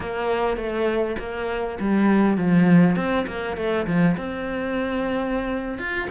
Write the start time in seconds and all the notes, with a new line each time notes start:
0.00 A#3
0.56 A3
1.19 A#3
1.80 G3
2.37 F3
2.96 C4
3.27 A#3
3.56 A3
3.86 F3
4.17 C4
5.78 F4